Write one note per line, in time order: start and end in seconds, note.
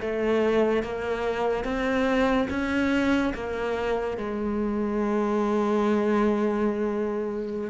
0.00 0.83 A3
0.83 1.64 A#3
1.64 2.47 C4
2.49 3.33 C#4
3.34 4.17 A#3
4.17 7.70 G#3